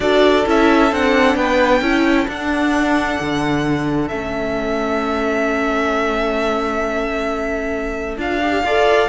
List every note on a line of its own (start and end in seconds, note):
0.00 0.45 D4
0.00 0.45 F#4
0.00 1.36 A4
0.00 0.45 D5
0.46 0.92 C#4
0.46 0.91 E4
0.46 0.93 E5
0.91 1.35 C4
0.91 1.82 D4
0.91 1.36 F#5
1.35 1.81 B3
1.35 1.81 B4
1.35 2.27 G5
1.81 2.26 C#4
1.81 2.27 E4
1.81 8.62 A4
2.28 3.18 D4
2.28 4.09 D4
2.28 4.08 F#5
3.20 4.10 D3
4.08 8.17 A3
4.08 8.17 C#4
4.08 8.17 E5
8.17 8.63 D4
8.17 8.40 F4
8.17 9.09 F5
8.42 8.64 G4
8.63 9.08 F4
8.63 9.09 A4
8.63 9.09 D5